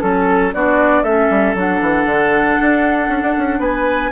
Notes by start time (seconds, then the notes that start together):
0.00 F#3 C#4 A4
0.53 B3 D4 F#4 D5
1.03 A3 C#4 A4 E5
1.30 G3
1.54 F#3 D4 F#5
1.81 E3
2.05 D3
2.61 D4
3.08 C#4
3.22 D4
3.38 C#4
3.59 B3 B4 G#5